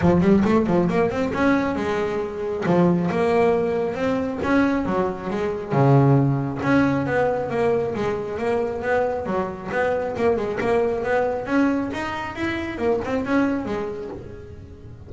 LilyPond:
\new Staff \with { instrumentName = "double bass" } { \time 4/4 \tempo 4 = 136 f8 g8 a8 f8 ais8 c'8 cis'4 | gis2 f4 ais4~ | ais4 c'4 cis'4 fis4 | gis4 cis2 cis'4 |
b4 ais4 gis4 ais4 | b4 fis4 b4 ais8 gis8 | ais4 b4 cis'4 dis'4 | e'4 ais8 c'8 cis'4 gis4 | }